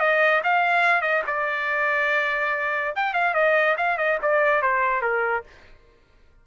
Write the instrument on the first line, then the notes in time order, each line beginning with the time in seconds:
trumpet
0.00 D#5
0.44 F5
1.02 D#5
1.27 D5
2.96 G5
3.14 F5
3.35 D#5
3.78 F5
3.98 D#5
4.22 D5
4.62 C5
5.02 A#4